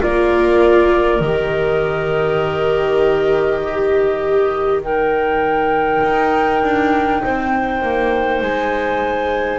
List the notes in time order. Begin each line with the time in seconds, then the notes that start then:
0.00 A#3 F4 A#4 D5
1.20 D#3 G4 D#5
3.62 G4
4.82 D#4 A#4 G5
6.03 D#4
6.62 D4
7.23 C4 C5
7.82 A#3
8.41 G#3 G#5